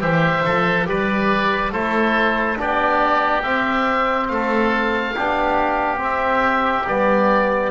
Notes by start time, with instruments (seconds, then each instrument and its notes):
0.00 double bass E3, oboe G4 E5, trombone C5
0.45 double bass F3, oboe A4
0.85 double bass G3, trombone G4, oboe B4 D5
1.72 double bass A3, trombone E4, oboe A4 C5
2.56 double bass B3, trombone D4, oboe G4 D5
3.43 trombone C4, double bass C4, oboe E5
4.27 double bass A3, oboe A4 F5
5.15 double bass B3, trombone D4, oboe G4
5.97 trombone C4, double bass C4, oboe E5
6.86 double bass G3, trombone B3, oboe D5